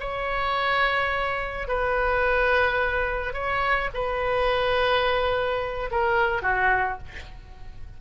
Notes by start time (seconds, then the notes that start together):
0.00 C#5
1.68 B4
3.34 C#5
3.94 B4
5.91 A#4
6.42 F#4